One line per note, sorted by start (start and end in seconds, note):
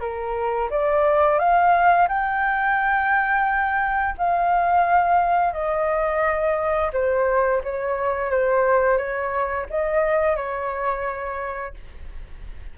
0.00 0.69 A#4
0.70 1.39 D5
1.39 2.08 F5
2.08 4.15 G5
4.18 5.53 F5
5.53 6.91 D#5
6.93 7.62 C5
7.63 8.31 C#5
8.31 8.97 C5
8.97 9.66 C#5
9.70 10.36 D#5
10.36 11.74 C#5